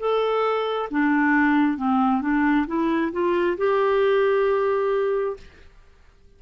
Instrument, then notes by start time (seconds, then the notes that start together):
clarinet
0.00 A4
0.91 D4
1.77 C4
2.21 D4
2.67 E4
3.13 F4
3.58 G4